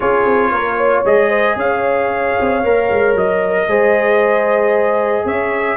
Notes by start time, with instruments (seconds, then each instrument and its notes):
0.00 tuba C#4, trombone F4, horn G#4, trumpet C#5
0.25 tuba C4
0.51 tuba A#3, horn A#4
0.77 horn C#5
1.04 tuba G#3, trombone G#4, trumpet D#5
1.29 horn C5
1.55 tuba C#4, horn C#5, trumpet F5
2.40 tuba C4
2.63 tuba A#3, trombone A#4
2.90 tuba G#3
3.15 tuba F#3, trumpet D#5
3.67 tuba G#3, trombone G#4, horn C5
5.25 tuba C#4, horn C#5, trumpet E5